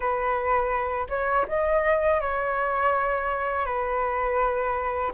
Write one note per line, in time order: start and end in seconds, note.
0.00 1.07 B4
1.09 1.45 C#5
1.47 2.21 D#5
2.21 3.65 C#5
3.65 5.12 B4